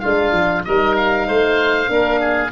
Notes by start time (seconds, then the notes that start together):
0.00 G#3 D4 F4 F5
0.32 F3
0.65 G3 D#4 A#4 D#5
0.96 F5
1.28 A3 C5
1.88 A#3 D4 A#4
2.21 G#4